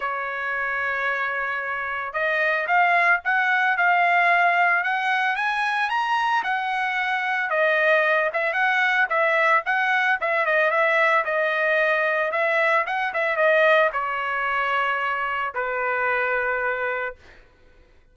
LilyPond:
\new Staff \with { instrumentName = "trumpet" } { \time 4/4 \tempo 4 = 112 cis''1 | dis''4 f''4 fis''4 f''4~ | f''4 fis''4 gis''4 ais''4 | fis''2 dis''4. e''8 |
fis''4 e''4 fis''4 e''8 dis''8 | e''4 dis''2 e''4 | fis''8 e''8 dis''4 cis''2~ | cis''4 b'2. | }